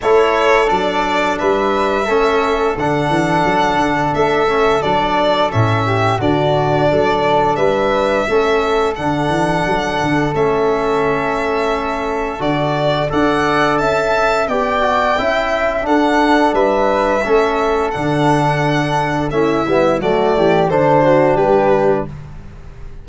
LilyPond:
<<
  \new Staff \with { instrumentName = "violin" } { \time 4/4 \tempo 4 = 87 cis''4 d''4 e''2 | fis''2 e''4 d''4 | e''4 d''2 e''4~ | e''4 fis''2 e''4~ |
e''2 d''4 fis''4 | a''4 g''2 fis''4 | e''2 fis''2 | e''4 d''4 c''4 b'4 | }
  \new Staff \with { instrumentName = "flute" } { \time 4/4 a'2 b'4 a'4~ | a'1~ | a'8 g'8 fis'4 a'4 b'4 | a'1~ |
a'2. d''4 | e''4 d''4 e''4 a'4 | b'4 a'2. | e'4 fis'8 g'8 a'8 fis'8 g'4 | }
  \new Staff \with { instrumentName = "trombone" } { \time 4/4 e'4 d'2 cis'4 | d'2~ d'8 cis'8 d'4 | cis'4 d'2. | cis'4 d'2 cis'4~ |
cis'2 fis'4 a'4~ | a'4 g'8 fis'8 e'4 d'4~ | d'4 cis'4 d'2 | cis'8 b8 a4 d'2 | }
  \new Staff \with { instrumentName = "tuba" } { \time 4/4 a4 fis4 g4 a4 | d8 e8 fis8 d8 a4 fis4 | a,4 d4 fis4 g4 | a4 d8 e8 fis8 d8 a4~ |
a2 d4 d'4 | cis'4 b4 cis'4 d'4 | g4 a4 d2 | a8 g8 fis8 e8 d4 g4 | }
>>